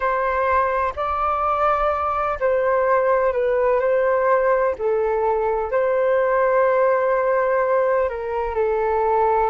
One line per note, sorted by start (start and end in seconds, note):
0.00 0.93 C5
0.96 2.39 D5
2.40 3.32 C5
3.32 3.80 B4
3.80 4.75 C5
4.78 5.71 A4
5.71 8.09 C5
8.09 8.55 A#4
8.55 9.50 A4